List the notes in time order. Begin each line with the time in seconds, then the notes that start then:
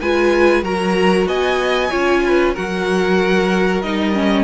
0.00 G#3 F4 B4 G#5
0.62 F#3 F#4 A#4 A#5
1.26 B3 D#5 G#5
1.90 C#4 F4 C#5
2.26 B4
2.54 F#3 F#4 A#4 F#5
3.82 G3 D#4 D#5
4.14 C#4